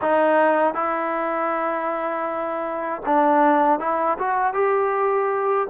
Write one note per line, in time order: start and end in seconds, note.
0.01 0.74 D#4
0.74 3.01 E4
3.05 3.79 D4
3.79 4.17 E4
4.18 4.53 F#4
4.53 5.67 G4